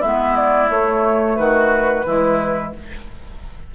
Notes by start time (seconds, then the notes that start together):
0.00 G#3 B3 E4 E5
0.36 D5
0.69 A3 C#5
1.37 D#3 F#4 B4
2.06 E3 G#3 E4